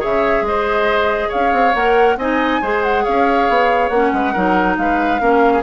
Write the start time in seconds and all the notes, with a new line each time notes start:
0.00 C#3 G#4 C#5 E5
0.42 G#3 D#5
0.48 C5
1.29 C#4 C#5 F5
1.53 C4
1.75 A#3 A#4 F#5
2.18 C4 D#4 D#5 G#5
2.62 G#3 G#4 C5
2.84 F#5
3.04 C#4 C#5 F5
3.49 B3
3.89 A#3 C#4 F#5
4.14 G#3 B4
4.33 F#3 D#4 A#4
4.78 G#3 B4 F5
5.20 A#3 C#4 A#4
5.54 G#4